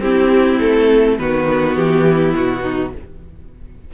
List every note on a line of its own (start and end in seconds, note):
0.00 0.58 C4
0.00 1.19 C4
0.00 1.19 E4
0.00 0.59 G4
0.59 1.19 A3
0.59 1.18 A4
1.19 1.77 D#3
1.19 2.94 B3
1.19 2.08 F#4
1.19 1.76 B4
1.76 2.34 E3
1.76 2.34 G4
2.08 2.62 E4
2.34 2.92 B2
2.34 2.94 F#4
2.62 2.91 D#4